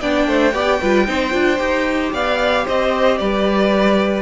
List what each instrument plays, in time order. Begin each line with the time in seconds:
0.00 cello B3, viola D4, violin D5 G5
0.27 cello A3, violin C5
0.52 cello B3, viola G4, violin D5
0.80 cello G3, viola F4, violin B4
1.06 cello C4, viola D#4, violin C5
1.30 cello D4, viola F4
1.58 cello D#4, viola G4
2.13 cello B3, violin D5 F5
2.65 cello C4, violin C5 D#5
3.18 cello G3, violin B4 D5